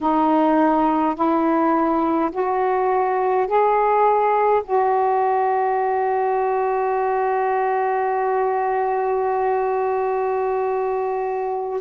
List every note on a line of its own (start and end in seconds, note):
0.01 1.15 D#4
1.15 2.30 E4
2.31 3.47 F#4
3.47 4.62 G#4
4.64 11.81 F#4